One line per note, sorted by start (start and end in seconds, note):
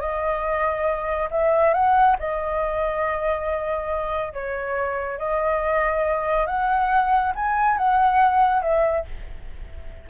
0.00 1.29 D#5
1.31 1.74 E5
1.74 2.17 F#5
2.19 4.33 D#5
4.33 5.19 C#5
5.19 6.47 D#5
6.47 7.33 F#5
7.35 7.78 G#5
7.78 8.62 F#5
8.62 9.05 E5